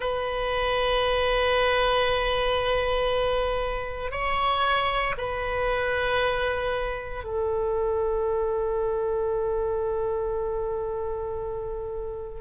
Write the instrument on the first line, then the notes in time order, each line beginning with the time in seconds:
oboe
0.00 B4
4.11 C#5
5.17 B4
7.24 A4